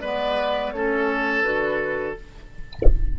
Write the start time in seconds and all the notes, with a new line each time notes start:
0.00 G#3 B3 B4 D5
0.71 A3 C#4 A4 C#5
1.43 D3 F#4 B4